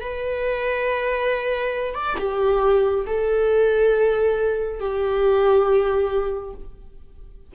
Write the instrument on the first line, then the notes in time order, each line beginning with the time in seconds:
viola
0.00 B4
1.94 D5
2.18 G4
3.06 A4
4.80 G4